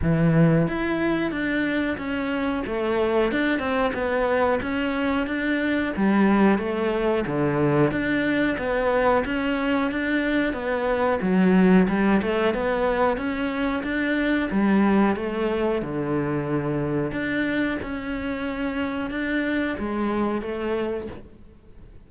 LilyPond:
\new Staff \with { instrumentName = "cello" } { \time 4/4 \tempo 4 = 91 e4 e'4 d'4 cis'4 | a4 d'8 c'8 b4 cis'4 | d'4 g4 a4 d4 | d'4 b4 cis'4 d'4 |
b4 fis4 g8 a8 b4 | cis'4 d'4 g4 a4 | d2 d'4 cis'4~ | cis'4 d'4 gis4 a4 | }